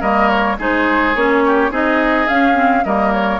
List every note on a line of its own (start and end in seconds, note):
0.00 0.58 G3
0.00 0.58 A#3
0.00 0.57 A#4
0.00 0.29 D#5
0.29 0.57 C#5
0.58 1.15 G#3
0.58 1.15 D#4
0.58 1.43 G#4
0.58 1.15 C5
1.15 1.71 A#3
1.15 1.71 C#4
1.15 1.72 C#5
1.46 1.71 G4
1.71 2.27 C4
1.71 2.27 D#4
1.71 2.84 G#4
1.71 2.28 D#5
2.28 2.54 C#4
2.28 2.85 C#4
2.28 2.84 F5
2.54 2.82 C4
2.84 3.40 G3
2.84 3.40 A#3
2.84 3.40 A#4
2.84 3.12 D#5
3.13 3.40 C#5